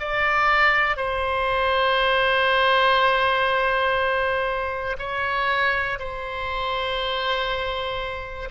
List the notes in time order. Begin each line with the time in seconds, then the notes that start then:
0.00 D5
0.96 C5
4.98 C#5
5.99 C5